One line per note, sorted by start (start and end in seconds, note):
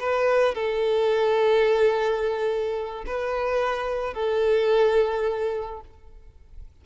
0.00 0.55 B4
0.55 3.05 A4
3.07 4.14 B4
4.14 5.81 A4